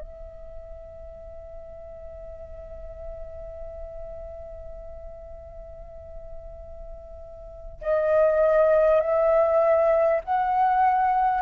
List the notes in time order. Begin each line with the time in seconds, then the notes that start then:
0.00 E5
7.82 D#5
9.01 E5
10.24 F#5